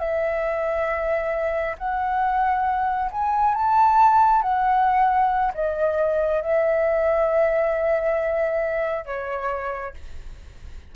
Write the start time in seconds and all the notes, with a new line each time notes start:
0.00 E5
1.79 F#5
3.12 G#5
3.55 A5
4.43 F#5
5.55 D#5
6.42 E5
9.06 C#5